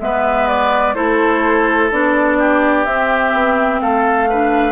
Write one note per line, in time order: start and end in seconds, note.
0.00 0.96 G#3
0.00 0.95 B3
0.00 0.95 B4
0.00 0.48 E5
0.48 0.94 D5
0.94 1.91 A3
0.94 1.90 E4
0.94 2.38 A4
0.94 1.90 C5
1.91 2.86 B3
1.91 2.86 D4
1.91 2.85 D5
2.38 3.81 G4
2.85 3.33 C4
2.85 4.29 C4
2.85 3.80 E5
3.34 3.81 B3
3.80 4.72 A3
3.80 4.29 A4
3.80 4.72 F5
4.29 4.72 D4
4.29 4.72 B4